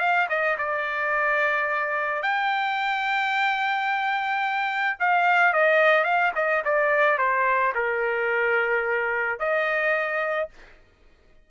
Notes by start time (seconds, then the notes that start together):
0.00 F5
0.30 D#5
0.59 D5
2.23 G5
5.00 F5
5.54 D#5
6.05 F5
6.36 D#5
6.66 D5
7.19 C5
7.75 A#4
9.40 D#5